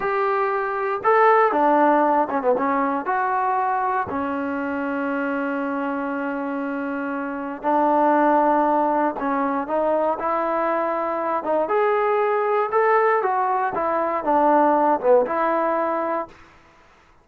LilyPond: \new Staff \with { instrumentName = "trombone" } { \time 4/4 \tempo 4 = 118 g'2 a'4 d'4~ | d'8 cis'16 b16 cis'4 fis'2 | cis'1~ | cis'2. d'4~ |
d'2 cis'4 dis'4 | e'2~ e'8 dis'8 gis'4~ | gis'4 a'4 fis'4 e'4 | d'4. b8 e'2 | }